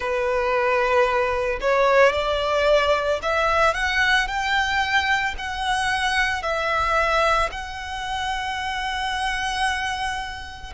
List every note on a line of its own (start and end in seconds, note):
0.00 1.59 B4
1.60 2.12 C#5
2.12 3.19 D5
3.22 3.74 E5
3.74 4.27 F#5
4.27 5.34 G5
5.38 6.42 F#5
6.42 7.50 E5
7.51 10.73 F#5